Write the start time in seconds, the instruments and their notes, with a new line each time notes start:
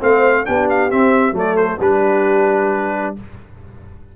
0.00 tuba A3, trombone C4, horn C5, trumpet F5
0.45 tuba B3, trombone D4, horn G4, trumpet G5
0.69 trumpet F5
0.89 trombone C4, tuba C4, trumpet E5
1.32 tuba F#3, trombone A3, horn A4
1.38 trumpet D5
1.57 trumpet C5
1.77 tuba G3, trombone D4, horn G4, trumpet B4